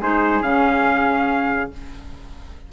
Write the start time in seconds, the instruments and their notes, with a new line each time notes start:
0.00 bassoon G#3, clarinet D#4, flute G#4, trumpet C5
0.42 bassoon C#3, clarinet C#4, trumpet F5